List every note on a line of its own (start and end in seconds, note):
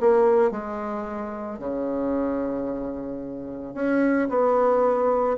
0.00 0.51 A#3
0.51 1.59 G#3
1.59 3.74 C#3
3.74 4.28 C#4
4.29 5.37 B3